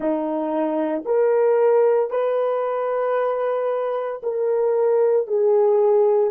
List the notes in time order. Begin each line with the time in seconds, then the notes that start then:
0.00 D#4
1.05 A#4
2.10 B4
4.22 A#4
5.27 G#4